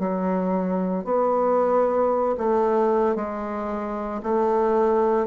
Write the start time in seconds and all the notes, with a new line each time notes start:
0.00 F#3
1.05 B3
2.38 A3
3.16 G#3
4.23 A3